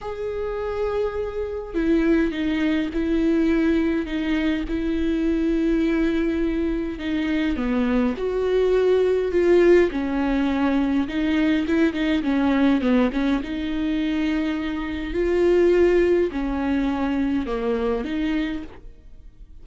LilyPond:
\new Staff \with { instrumentName = "viola" } { \time 4/4 \tempo 4 = 103 gis'2. e'4 | dis'4 e'2 dis'4 | e'1 | dis'4 b4 fis'2 |
f'4 cis'2 dis'4 | e'8 dis'8 cis'4 b8 cis'8 dis'4~ | dis'2 f'2 | cis'2 ais4 dis'4 | }